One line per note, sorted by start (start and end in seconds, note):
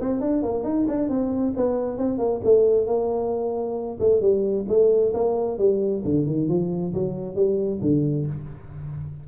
0.00 0.20 C4
0.20 0.43 D4
0.43 0.64 A#3
0.64 0.86 D#4
0.88 1.09 D4
1.09 1.54 C4
1.57 1.98 B3
1.98 2.18 C4
2.18 2.41 A#3
2.44 2.86 A3
2.86 3.98 A#3
4.00 4.21 A3
4.21 4.65 G3
4.68 5.13 A3
5.14 5.58 A#3
5.58 6.03 G3
6.04 6.26 D3
6.26 6.48 D#3
6.48 6.93 F3
6.94 7.35 F#3
7.35 7.80 G3
7.81 8.26 D3